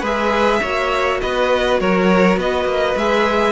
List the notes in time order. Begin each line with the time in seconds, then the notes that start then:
0.00 G#3 G#4 B4 E5
0.61 A#3 F#4 C#5
1.20 B3 B4 D#5
1.79 F#3 A#4 C#5
2.37 B3 B4 D#5
2.65 A#3
2.95 G#3 G#4 E5